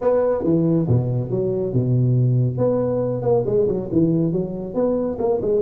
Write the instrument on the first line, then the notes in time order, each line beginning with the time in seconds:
tuba
0.01 B3
0.43 E3
0.88 B2
1.30 F#3
1.73 B2
2.57 B3
3.22 A#3
3.46 G#3
3.68 F#3
3.92 E3
4.32 F#3
4.74 B3
5.18 A#3
5.41 G#3